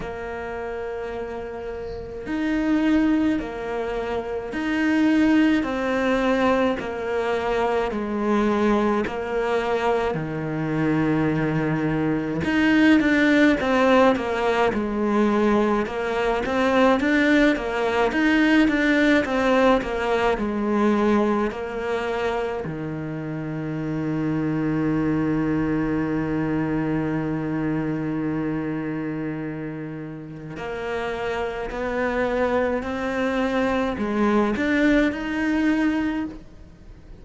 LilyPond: \new Staff \with { instrumentName = "cello" } { \time 4/4 \tempo 4 = 53 ais2 dis'4 ais4 | dis'4 c'4 ais4 gis4 | ais4 dis2 dis'8 d'8 | c'8 ais8 gis4 ais8 c'8 d'8 ais8 |
dis'8 d'8 c'8 ais8 gis4 ais4 | dis1~ | dis2. ais4 | b4 c'4 gis8 d'8 dis'4 | }